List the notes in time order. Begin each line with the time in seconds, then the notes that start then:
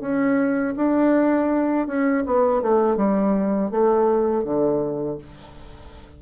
0.00 C#4
0.76 D4
1.87 C#4
2.26 B3
2.62 A3
2.96 G3
3.70 A3
4.44 D3